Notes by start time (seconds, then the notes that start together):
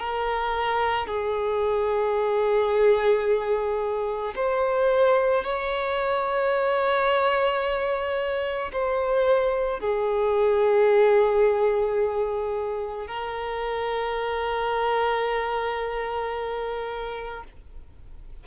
0.00 A#4
1.07 G#4
4.36 C5
5.44 C#5
8.73 C5
9.80 G#4
13.08 A#4